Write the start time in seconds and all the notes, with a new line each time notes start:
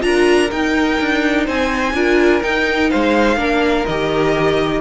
0.00 D4 F4 A#5
0.06 A#4
0.50 D#4 G5
1.00 D4
1.45 C4 C5 G#5
1.93 D4 F4 A#4
2.42 D#4 G5
2.90 G#3 C5 F5
3.36 A#3 D4 A#4
3.86 D#3 G4 D#5